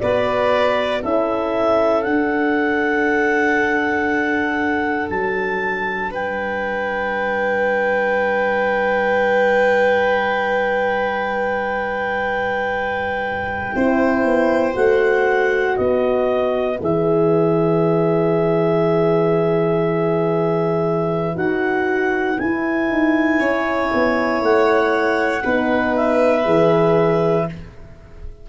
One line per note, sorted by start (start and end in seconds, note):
0.00 1.03 B3
0.00 1.03 F#4
0.00 1.01 B4
0.00 1.02 D5
1.01 2.05 C#4
1.01 2.05 E4
1.01 6.10 A4
1.01 2.03 E5
2.03 13.74 D4
2.03 5.09 D4
2.03 5.08 F#5
5.09 6.11 F#3
5.09 6.12 A5
6.11 13.74 G3
6.11 13.74 B4
6.11 14.76 G5
13.75 14.24 C4
13.75 14.73 E4
13.75 15.77 C5
14.24 14.75 B3
14.73 15.77 A3
14.73 16.77 F#4
14.73 15.77 F#5
15.77 16.80 B3
15.77 23.39 B4
15.77 16.78 D#5
16.81 21.36 E3
16.81 21.36 G#4
16.81 21.37 E5
21.36 22.38 D#4
21.36 22.37 F#4
21.36 22.39 F#5
22.38 25.43 E4
22.38 22.89 E4
22.38 24.42 G#5
22.89 23.39 D#4
23.39 23.90 C#4
23.39 25.43 C#5
23.94 24.41 B3
24.41 25.43 A3
24.41 25.96 F#5
25.44 26.46 B3
25.44 26.44 D#4
25.44 27.48 B4
25.96 27.49 E5
26.44 27.48 E3
26.44 27.46 G#4